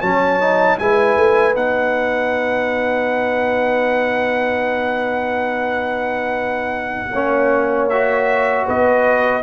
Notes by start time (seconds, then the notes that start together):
0.00 F#3 C#4 C#5 A5
0.40 D#4
0.78 G#3 E4 B4 G#5
1.17 A3
1.53 B3 D#4 F#5
7.12 A#3 C#4 C#5
7.89 F#4 E5
8.66 B3 B4 D#5